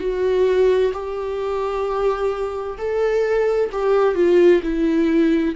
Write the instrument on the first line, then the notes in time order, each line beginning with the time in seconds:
viola
0.00 F#4
0.93 G4
2.78 A4
3.72 G4
4.15 F4
4.63 E4